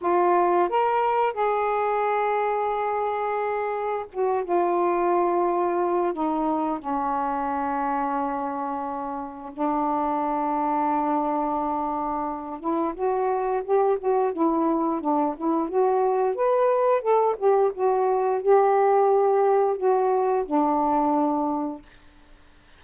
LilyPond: \new Staff \with { instrumentName = "saxophone" } { \time 4/4 \tempo 4 = 88 f'4 ais'4 gis'2~ | gis'2 fis'8 f'4.~ | f'4 dis'4 cis'2~ | cis'2 d'2~ |
d'2~ d'8 e'8 fis'4 | g'8 fis'8 e'4 d'8 e'8 fis'4 | b'4 a'8 g'8 fis'4 g'4~ | g'4 fis'4 d'2 | }